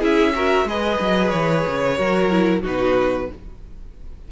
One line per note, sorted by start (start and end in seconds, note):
0.00 0.64 C#4
0.00 0.33 E4
0.00 0.33 G#4
0.00 0.68 E5
0.35 0.67 F#4
0.35 0.67 A#4
0.64 0.97 G#3
0.64 1.97 G#4
0.64 1.97 B4
0.64 1.29 D#5
1.00 1.32 F#3
1.29 1.65 E3
1.29 2.60 C#5
1.67 1.99 C#3
1.97 2.63 F#3
1.97 2.30 F#4
1.97 2.62 A#4
2.30 2.62 E4
2.62 3.28 B2
2.62 3.28 D#4
2.62 3.27 F#4
2.62 3.31 B4